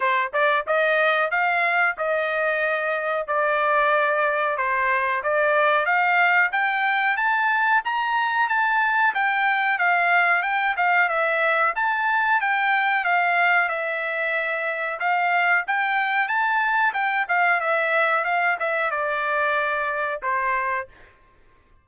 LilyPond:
\new Staff \with { instrumentName = "trumpet" } { \time 4/4 \tempo 4 = 92 c''8 d''8 dis''4 f''4 dis''4~ | dis''4 d''2 c''4 | d''4 f''4 g''4 a''4 | ais''4 a''4 g''4 f''4 |
g''8 f''8 e''4 a''4 g''4 | f''4 e''2 f''4 | g''4 a''4 g''8 f''8 e''4 | f''8 e''8 d''2 c''4 | }